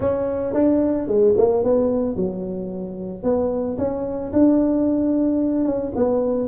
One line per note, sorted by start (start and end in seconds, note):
0.00 0.53 C#4
0.53 1.07 D4
1.07 1.34 G#3
1.37 1.63 A#3
1.63 2.16 B3
2.16 3.23 F#3
3.23 3.77 B3
3.77 4.31 C#4
4.32 5.64 D4
5.64 5.91 C#4
5.95 6.48 B3